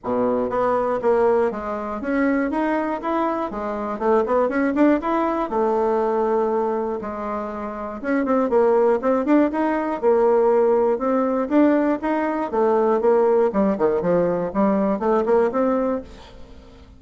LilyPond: \new Staff \with { instrumentName = "bassoon" } { \time 4/4 \tempo 4 = 120 b,4 b4 ais4 gis4 | cis'4 dis'4 e'4 gis4 | a8 b8 cis'8 d'8 e'4 a4~ | a2 gis2 |
cis'8 c'8 ais4 c'8 d'8 dis'4 | ais2 c'4 d'4 | dis'4 a4 ais4 g8 dis8 | f4 g4 a8 ais8 c'4 | }